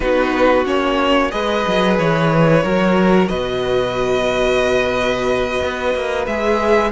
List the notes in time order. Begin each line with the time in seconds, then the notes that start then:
0.00 B3 D#4 F#4 B4
0.64 A#3 C#4 C#5
1.30 G#3 G#4 B4 D#5
1.67 F#3
1.98 E3 C#5
2.63 F#3 F#4 A#4
3.28 B2 B4 D#5
5.62 B3
5.95 A#3
6.26 G#3 G#4 E5